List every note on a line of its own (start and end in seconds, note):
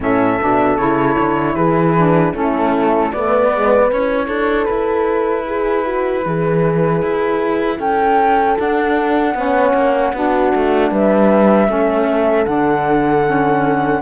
0.00 0.38 A2
0.00 0.39 C#4
0.00 1.55 A4
0.00 0.76 E5
0.40 0.77 B2
0.40 0.78 D4
0.76 1.16 C#3
0.76 1.95 E4
0.76 1.54 C#5
1.18 1.55 D3
1.54 2.33 E3
1.54 2.33 G#4
1.54 2.32 B4
1.96 2.33 D4
2.33 3.12 A3
2.33 3.11 C#4
2.33 3.12 E4
2.33 3.12 A4
3.12 3.52 A3
3.12 3.91 B3
3.12 4.27 B4
3.12 3.90 D5
3.52 3.90 G#3
3.90 4.27 C#4
3.90 8.55 E4
3.90 4.64 C#5
4.27 4.66 D4
4.27 5.44 A4
4.64 6.25 E4
4.64 7.76 B4
5.46 5.84 G#4
5.84 6.23 F#4
6.25 7.02 E3
6.25 7.78 G#4
7.02 7.79 E4
7.78 8.57 C#4
7.78 9.34 A4
7.78 8.58 G5
8.55 9.33 D4
8.55 9.34 D4
8.55 10.93 F#5
9.34 9.73 B3
9.34 10.14 C#4
9.34 10.15 C#5
9.73 10.12 A#3
10.13 10.52 B3
10.13 11.67 D4
10.13 10.90 F#4
10.54 10.91 A3
10.90 11.68 G3
10.90 11.68 B4
10.90 12.45 E5
11.67 12.46 A3
11.67 12.45 C#4
11.67 14.01 A4
12.45 14.01 D3
12.45 13.24 D4
12.45 14.01 F#5
13.25 14.01 C#4